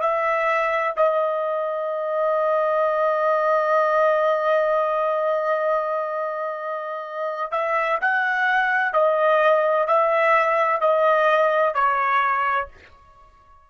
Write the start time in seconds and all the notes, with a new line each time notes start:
0.00 E5
0.96 D#5
7.52 E5
8.00 F#5
8.93 D#5
9.87 E5
10.81 D#5
11.74 C#5